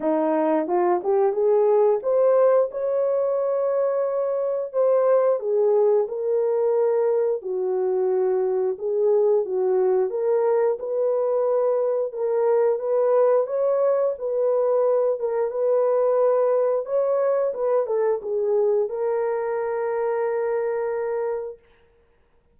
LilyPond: \new Staff \with { instrumentName = "horn" } { \time 4/4 \tempo 4 = 89 dis'4 f'8 g'8 gis'4 c''4 | cis''2. c''4 | gis'4 ais'2 fis'4~ | fis'4 gis'4 fis'4 ais'4 |
b'2 ais'4 b'4 | cis''4 b'4. ais'8 b'4~ | b'4 cis''4 b'8 a'8 gis'4 | ais'1 | }